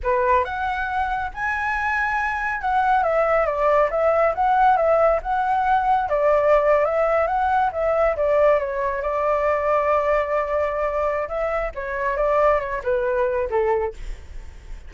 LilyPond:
\new Staff \with { instrumentName = "flute" } { \time 4/4 \tempo 4 = 138 b'4 fis''2 gis''4~ | gis''2 fis''4 e''4 | d''4 e''4 fis''4 e''4 | fis''2 d''4.~ d''16 e''16~ |
e''8. fis''4 e''4 d''4 cis''16~ | cis''8. d''2.~ d''16~ | d''2 e''4 cis''4 | d''4 cis''8 b'4. a'4 | }